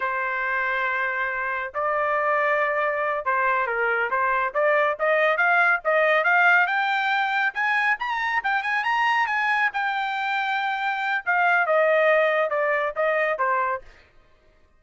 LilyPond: \new Staff \with { instrumentName = "trumpet" } { \time 4/4 \tempo 4 = 139 c''1 | d''2.~ d''8 c''8~ | c''8 ais'4 c''4 d''4 dis''8~ | dis''8 f''4 dis''4 f''4 g''8~ |
g''4. gis''4 ais''4 g''8 | gis''8 ais''4 gis''4 g''4.~ | g''2 f''4 dis''4~ | dis''4 d''4 dis''4 c''4 | }